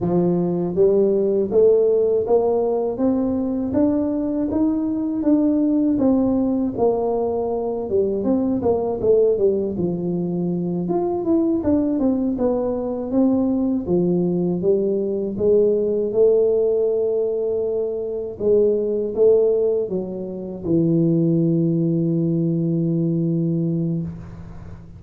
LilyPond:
\new Staff \with { instrumentName = "tuba" } { \time 4/4 \tempo 4 = 80 f4 g4 a4 ais4 | c'4 d'4 dis'4 d'4 | c'4 ais4. g8 c'8 ais8 | a8 g8 f4. f'8 e'8 d'8 |
c'8 b4 c'4 f4 g8~ | g8 gis4 a2~ a8~ | a8 gis4 a4 fis4 e8~ | e1 | }